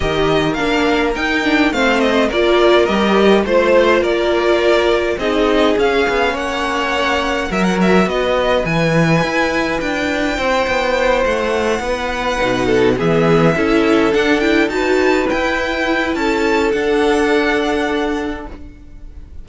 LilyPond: <<
  \new Staff \with { instrumentName = "violin" } { \time 4/4 \tempo 4 = 104 dis''4 f''4 g''4 f''8 dis''8 | d''4 dis''4 c''4 d''4~ | d''4 dis''4 f''4 fis''4~ | fis''4 e''16 fis''16 e''8 dis''4 gis''4~ |
gis''4 g''2~ g''8 fis''8~ | fis''2~ fis''8 e''4.~ | e''8 fis''8 g''8 a''4 g''4. | a''4 fis''2. | }
  \new Staff \with { instrumentName = "violin" } { \time 4/4 ais'2. c''4 | ais'2 c''4 ais'4~ | ais'4 gis'2 cis''4~ | cis''4 ais'4 b'2~ |
b'2 c''2~ | c''8 b'4. a'8 gis'4 a'8~ | a'4. b'2~ b'8 | a'1 | }
  \new Staff \with { instrumentName = "viola" } { \time 4/4 g'4 d'4 dis'8 d'8 c'4 | f'4 g'4 f'2~ | f'4 dis'4 cis'2~ | cis'4 fis'2 e'4~ |
e'1~ | e'4. dis'4 b4 e'8~ | e'8 d'8 e'8 fis'4 e'4.~ | e'4 d'2. | }
  \new Staff \with { instrumentName = "cello" } { \time 4/4 dis4 ais4 dis'4 a4 | ais4 g4 a4 ais4~ | ais4 c'4 cis'8 b8 ais4~ | ais4 fis4 b4 e4 |
e'4 d'4 c'8 b4 a8~ | a8 b4 b,4 e4 cis'8~ | cis'8 d'4 dis'4 e'4. | cis'4 d'2. | }
>>